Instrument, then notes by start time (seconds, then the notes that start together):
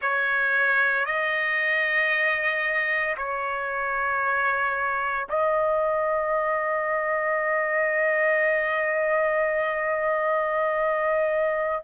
trumpet
0.01 C#5
1.05 D#5
3.17 C#5
5.29 D#5